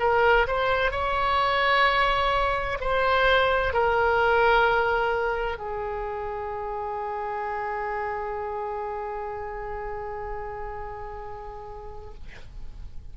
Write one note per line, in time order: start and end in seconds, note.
0.00 0.47 A#4
0.47 0.91 C5
0.91 2.79 C#5
2.80 3.73 C5
3.73 5.58 A#4
5.58 12.14 G#4